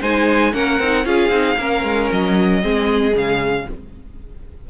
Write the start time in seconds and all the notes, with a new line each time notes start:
0.00 G#3 D#4 C5 G#5
0.52 A#3 C#4 A#4 F#5
0.79 C4 D#4
1.04 C#4 F4 G#4 F5
1.29 C4 D#4
1.57 A#3 C#4 A#4
1.83 G#3
2.11 F#3 D#5
2.61 G#3 C4 G#4
3.11 C#3 G#3
3.17 F5